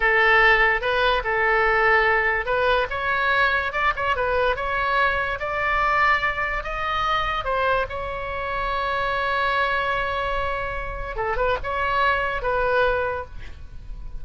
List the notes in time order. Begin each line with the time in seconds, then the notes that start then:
0.00 A4
0.81 B4
1.24 A4
2.45 B4
2.90 C#5
3.72 D5
3.96 C#5
4.15 B4
4.56 C#5
5.39 D5
6.63 D#5
7.44 C5
7.89 C#5
11.16 A4
11.36 B4
11.63 C#5
12.41 B4